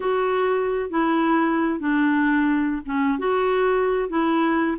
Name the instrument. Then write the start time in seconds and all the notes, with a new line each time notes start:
clarinet
0.00 F#4
0.89 E4
1.79 D4
2.85 C#4
3.18 F#4
4.09 E4